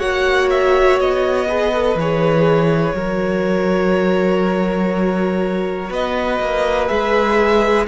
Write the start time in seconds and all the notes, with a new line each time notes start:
0.00 A#3 F#4 C#5 F#5
0.51 E5
1.00 B3 D#5
1.48 G#4 B4
1.74 A4
1.95 E3 G#4 C#5
2.95 F#3 F#4 A#4
5.90 B3 B4 D#5
6.40 A#3
6.88 G#3 G#4 E5